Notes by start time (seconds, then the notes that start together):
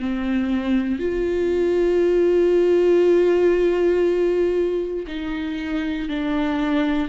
0.00 C4
1.00 F4
5.08 D#4
6.10 D4